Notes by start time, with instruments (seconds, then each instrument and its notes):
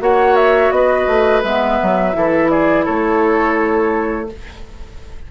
0.00 bassoon A#3, clarinet F#4, oboe C#5, flute F#5
0.36 flute E5
0.71 bassoon B3, oboe B4, flute D#5
1.07 bassoon A3
1.43 bassoon G#3, clarinet B3, flute E5
1.83 bassoon F#3
2.13 bassoon E3, clarinet E4, oboe A4
2.50 oboe G#4, flute D5
2.85 bassoon A3, oboe A4, flute C#5